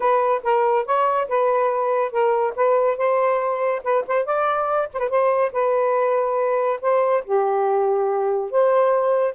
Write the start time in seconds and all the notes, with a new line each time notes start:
0.00 B4
0.43 A#4
0.85 C#5
1.28 B4
2.11 A#4
2.55 B4
2.97 C5
3.83 B4
4.07 C5
4.25 D5
4.93 B4 C5
5.09 C5
5.52 B4
6.81 C5
7.24 G4
8.50 C5